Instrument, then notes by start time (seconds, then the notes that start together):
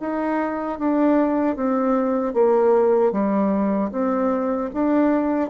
bassoon
0.00 D#4
0.79 D4
1.56 C4
2.34 A#3
3.12 G3
3.92 C4
4.74 D4